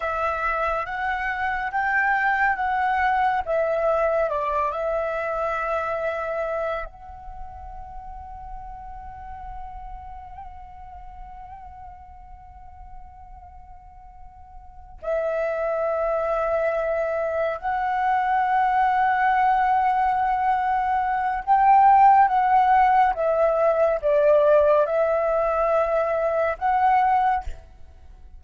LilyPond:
\new Staff \with { instrumentName = "flute" } { \time 4/4 \tempo 4 = 70 e''4 fis''4 g''4 fis''4 | e''4 d''8 e''2~ e''8 | fis''1~ | fis''1~ |
fis''4. e''2~ e''8~ | e''8 fis''2.~ fis''8~ | fis''4 g''4 fis''4 e''4 | d''4 e''2 fis''4 | }